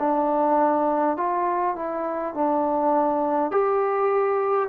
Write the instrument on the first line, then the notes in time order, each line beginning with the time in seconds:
trombone
0.00 D4
1.17 F4
1.76 E4
2.35 D4
3.51 G4